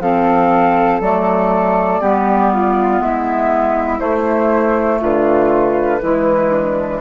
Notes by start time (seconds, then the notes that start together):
0.00 F3 C4 A4 F5
1.00 F#3 A3 D5
2.01 G3 B3 G4
2.52 F4
3.00 G#3 E4 E5
4.00 A3 C5
4.99 D3 F4 B4
6.01 E3 G#3 E4
6.51 D4